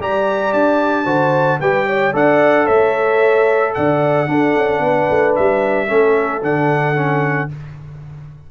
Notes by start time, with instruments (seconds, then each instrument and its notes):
0.00 tuba G3, trombone G4, horn D5, trumpet A#5
0.53 tuba D4, trumpet A5
1.05 tuba D3, trombone F#4, horn C5
1.60 tuba G3, trombone G4, horn B4, trumpet G5
1.87 horn C#5
2.13 tuba D4, trombone A4, horn D5, trumpet F#5
2.66 tuba A3, horn C#5, trumpet E5
3.75 tuba D3, horn D5, trumpet F#5
4.27 trombone D4, tuba D4, horn A4
4.56 tuba C#4
4.80 tuba B3, horn B4
5.10 tuba A3
5.35 tuba G3, trumpet E5
5.88 tuba A3, trombone C#4, horn A4
6.42 tuba D3, trombone D4, trumpet F#5
6.95 trombone C#4